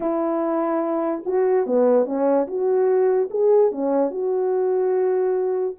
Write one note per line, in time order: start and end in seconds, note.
0.00 1.23 E4
1.25 1.66 F#4
1.66 2.05 B3
2.05 2.46 C#4
2.47 3.29 F#4
3.30 3.71 G#4
3.71 4.10 C#4
4.10 5.75 F#4